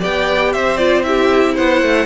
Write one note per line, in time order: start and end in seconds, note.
0.00 0.55 B3
0.00 0.78 G4
0.00 0.52 D5
0.00 0.53 G5
0.53 1.58 C4
0.53 1.06 C5
0.53 0.77 E5
0.77 1.04 F4
0.77 1.03 D5
1.04 2.06 E4
1.04 1.55 G4
1.04 1.55 E5
1.55 1.83 B3
1.55 2.06 C5
1.55 2.06 F#5
1.83 2.06 A3